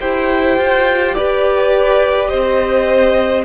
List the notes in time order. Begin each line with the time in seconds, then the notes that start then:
0.00 E4 G4 C5 G5
0.57 F4
1.14 G4 B4 D5
2.29 C4 C5 D#5